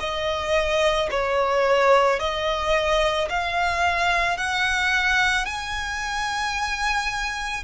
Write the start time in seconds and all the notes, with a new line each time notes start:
0.00 D#5
1.11 C#5
2.19 D#5
3.29 F5
4.37 F#5
5.45 G#5